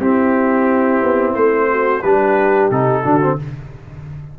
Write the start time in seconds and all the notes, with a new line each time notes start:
0.00 C4 E4 G4
1.03 B3
1.35 A3 C5
1.71 F#4
2.02 G3 D4 G4 B4
2.71 C3 D#4 A4
3.04 D3 D4 F#4
3.22 C4